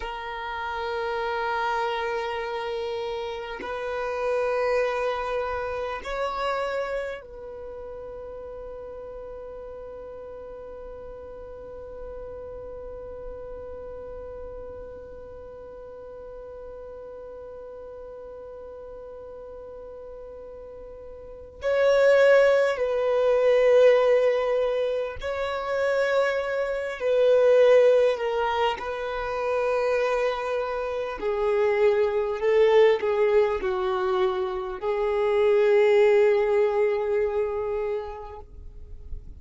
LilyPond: \new Staff \with { instrumentName = "violin" } { \time 4/4 \tempo 4 = 50 ais'2. b'4~ | b'4 cis''4 b'2~ | b'1~ | b'1~ |
b'2 cis''4 b'4~ | b'4 cis''4. b'4 ais'8 | b'2 gis'4 a'8 gis'8 | fis'4 gis'2. | }